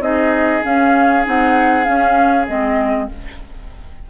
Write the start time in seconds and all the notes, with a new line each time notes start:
0.00 C4 D#4 G#4 D#5
0.62 C#4 F5
1.25 C4 D#4 F#5
1.85 C#4 F5
2.48 G#3 C4 D#5